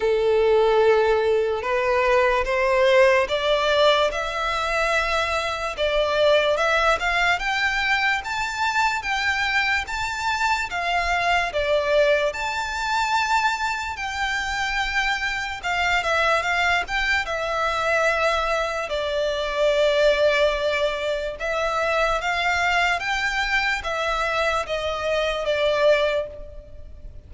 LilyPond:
\new Staff \with { instrumentName = "violin" } { \time 4/4 \tempo 4 = 73 a'2 b'4 c''4 | d''4 e''2 d''4 | e''8 f''8 g''4 a''4 g''4 | a''4 f''4 d''4 a''4~ |
a''4 g''2 f''8 e''8 | f''8 g''8 e''2 d''4~ | d''2 e''4 f''4 | g''4 e''4 dis''4 d''4 | }